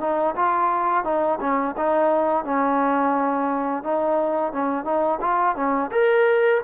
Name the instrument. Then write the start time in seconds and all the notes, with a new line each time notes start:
trombone
0.00 D#4
0.36 F4
1.04 D#4
1.40 C#4
1.77 D#4
2.45 C#4
3.83 D#4
4.53 C#4
4.84 D#4
5.21 F4
5.55 C#4
5.91 A#4